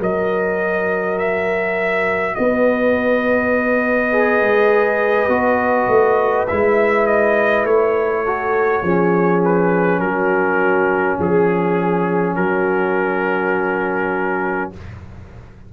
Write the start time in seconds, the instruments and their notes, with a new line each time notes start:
0.00 tuba F#3, trombone F#4, horn A#4, trumpet D#5
1.18 trumpet E5
2.35 tuba B3, horn B4, trumpet D#5
4.12 trombone G#4
4.42 tuba G#3
5.28 tuba B3, trombone F#4
5.87 tuba A3
6.48 tuba G#3, trombone E4, trumpet E5
7.06 trumpet D#5
7.64 tuba A3, trumpet C#5
8.25 trombone F#4, horn A4
8.83 tuba F3, trombone C#4, horn G#4
9.44 trumpet B4
10.00 tuba F#3, horn F#4, trumpet A#4
11.18 tuba F3, horn G#4, trumpet G#4
12.36 tuba F#3, horn F#4, trumpet A#4